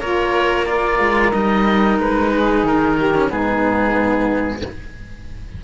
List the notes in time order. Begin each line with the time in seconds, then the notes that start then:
0.00 A#3 F4 A#4 C#5
0.66 F4 A#4 D5
0.99 G#3
1.32 G3 D#4 D#5
1.98 G#3 B4
2.32 G#4
2.63 D#3 A#4
2.97 G4
3.14 C#4
3.29 G#2 B3 D#4 G#4